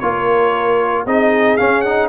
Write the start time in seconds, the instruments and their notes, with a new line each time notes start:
0.00 tuba A#3, trombone F4, horn A#4, trumpet C#5
1.06 tuba C4, trombone D#4, horn G#4, trumpet D#5
1.57 trombone C#4, tuba C#4, trumpet F5
1.81 trombone D#4, trumpet F#5